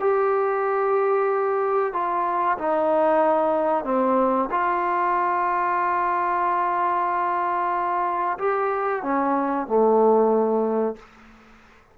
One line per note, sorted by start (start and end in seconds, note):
0.00 1.93 G4
1.93 2.58 F4
2.58 3.85 D#4
3.85 4.49 C4
4.51 8.38 F4
8.39 9.03 G4
9.03 9.67 C#4
9.67 10.96 A3